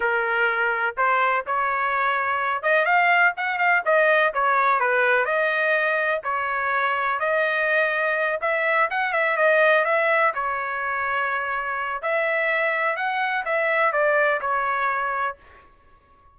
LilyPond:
\new Staff \with { instrumentName = "trumpet" } { \time 4/4 \tempo 4 = 125 ais'2 c''4 cis''4~ | cis''4. dis''8 f''4 fis''8 f''8 | dis''4 cis''4 b'4 dis''4~ | dis''4 cis''2 dis''4~ |
dis''4. e''4 fis''8 e''8 dis''8~ | dis''8 e''4 cis''2~ cis''8~ | cis''4 e''2 fis''4 | e''4 d''4 cis''2 | }